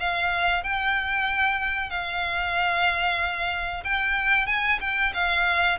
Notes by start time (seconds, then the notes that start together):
0.00 F5
0.63 G5
1.90 F5
3.84 G5
4.47 G#5
4.81 G5
5.14 F5